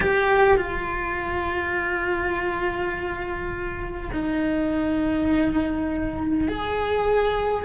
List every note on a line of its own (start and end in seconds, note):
0.00 0.57 G4
0.57 4.10 F4
4.13 6.48 D#4
6.48 7.64 G#4